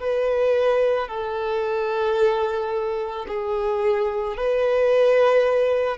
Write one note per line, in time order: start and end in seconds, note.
0.00 1.08 B4
1.08 3.26 A4
3.28 4.37 G#4
4.37 5.98 B4